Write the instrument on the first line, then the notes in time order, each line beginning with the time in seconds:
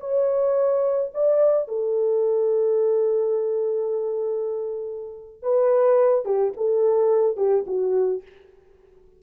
horn
0.00 C#5
1.14 D5
1.68 A4
5.42 B4
6.25 G4
6.56 A4
7.37 G4
7.67 F#4